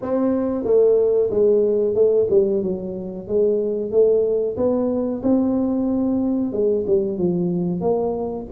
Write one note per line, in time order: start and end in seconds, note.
0.01 0.64 C4
0.64 1.29 A3
1.30 1.94 G#3
1.94 2.27 A3
2.30 2.62 G3
2.63 3.27 F#3
3.27 3.91 G#3
3.91 4.56 A3
4.57 5.22 B3
5.22 6.52 C4
6.52 6.85 G#3
6.87 7.18 G3
7.18 7.80 F3
7.80 8.45 A#3